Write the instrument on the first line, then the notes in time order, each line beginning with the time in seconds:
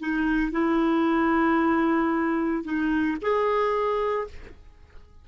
clarinet
0.00 D#4
0.52 E4
2.64 D#4
3.22 G#4